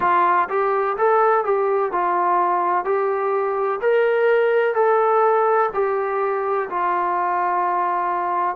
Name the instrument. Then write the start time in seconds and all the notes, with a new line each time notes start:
trombone
0.00 F4
0.48 G4
0.97 A4
1.44 G4
1.92 F4
2.84 G4
3.81 A#4
4.74 A4
5.73 G4
6.69 F4